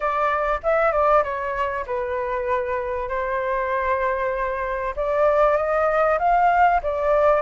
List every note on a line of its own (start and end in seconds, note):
0.00 0.60 D5
0.63 0.92 E5
0.92 1.23 D5
1.23 1.85 C#5
1.86 3.08 B4
3.08 4.94 C5
4.96 5.56 D5
5.56 6.18 D#5
6.19 6.80 F5
6.82 7.41 D5